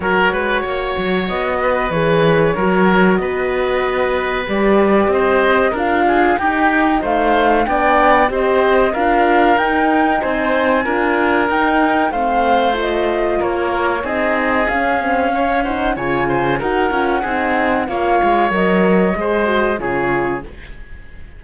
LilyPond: <<
  \new Staff \with { instrumentName = "flute" } { \time 4/4 \tempo 4 = 94 cis''2 dis''4 cis''4~ | cis''4 dis''2 d''4 | dis''4 f''4 g''4 f''4 | g''4 dis''4 f''4 g''4 |
gis''2 g''4 f''4 | dis''4 cis''4 dis''4 f''4~ | f''8 fis''8 gis''4 fis''2 | f''4 dis''2 cis''4 | }
  \new Staff \with { instrumentName = "oboe" } { \time 4/4 ais'8 b'8 cis''4. b'4. | ais'4 b'2. | c''4 ais'8 gis'8 g'4 c''4 | d''4 c''4 ais'2 |
c''4 ais'2 c''4~ | c''4 ais'4 gis'2 | cis''8 c''8 cis''8 c''8 ais'4 gis'4 | cis''2 c''4 gis'4 | }
  \new Staff \with { instrumentName = "horn" } { \time 4/4 fis'2. gis'4 | fis'2. g'4~ | g'4 f'4 dis'2 | d'4 g'4 f'4 dis'4~ |
dis'4 f'4 dis'4 c'4 | f'2 dis'4 cis'8 c'8 | cis'8 dis'8 f'4 fis'8 f'8 dis'4 | f'4 ais'4 gis'8 fis'8 f'4 | }
  \new Staff \with { instrumentName = "cello" } { \time 4/4 fis8 gis8 ais8 fis8 b4 e4 | fis4 b2 g4 | c'4 d'4 dis'4 a4 | b4 c'4 d'4 dis'4 |
c'4 d'4 dis'4 a4~ | a4 ais4 c'4 cis'4~ | cis'4 cis4 dis'8 cis'8 c'4 | ais8 gis8 fis4 gis4 cis4 | }
>>